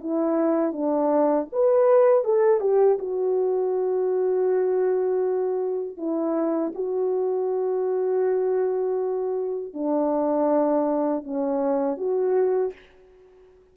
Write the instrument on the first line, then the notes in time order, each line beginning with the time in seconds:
horn
0.00 E4
0.72 D4
1.52 B4
2.24 A4
2.60 G4
2.99 F#4
5.97 E4
6.75 F#4
9.74 D4
11.24 C#4
11.97 F#4